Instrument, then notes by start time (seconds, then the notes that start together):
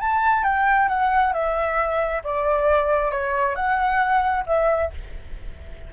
flute
0.00 A5
0.43 G5
0.88 F#5
1.33 E5
2.24 D5
3.11 C#5
3.55 F#5
4.46 E5